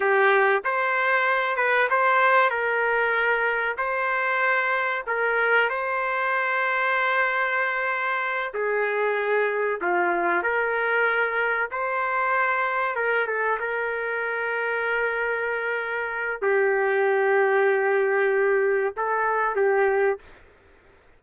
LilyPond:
\new Staff \with { instrumentName = "trumpet" } { \time 4/4 \tempo 4 = 95 g'4 c''4. b'8 c''4 | ais'2 c''2 | ais'4 c''2.~ | c''4. gis'2 f'8~ |
f'8 ais'2 c''4.~ | c''8 ais'8 a'8 ais'2~ ais'8~ | ais'2 g'2~ | g'2 a'4 g'4 | }